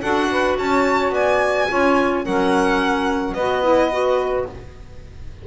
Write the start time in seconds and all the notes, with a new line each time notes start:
0.00 D4 F#4 A4 F#5
0.31 B4
0.58 C#4 C#5 A5
1.10 B3 D5 G#5
1.69 C#4 F4 C#5
2.24 F#3 C#4 A#4 F#5
3.33 B3 F#4 B4 D#5
3.63 E4
3.91 F#4